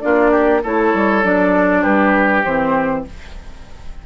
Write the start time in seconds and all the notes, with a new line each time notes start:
0.00 A#3 D4 F4 D5
0.31 G4
0.63 A3 E4 A4 C#5
0.93 G3
1.23 F#3 D4 D5
1.82 G3 G4 B4
2.44 E3 C4 C5